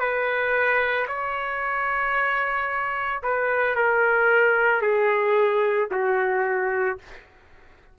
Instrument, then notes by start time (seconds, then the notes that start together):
trumpet
0.00 B4
1.08 C#5
3.23 B4
3.76 A#4
4.82 G#4
5.92 F#4